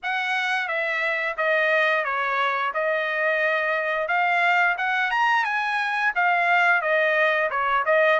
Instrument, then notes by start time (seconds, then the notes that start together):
trumpet
0.02 F#5
0.68 E5
1.37 D#5
2.04 C#5
2.73 D#5
4.08 F5
4.77 F#5
5.10 A#5
5.44 G#5
6.15 F5
6.81 D#5
7.50 C#5
7.85 D#5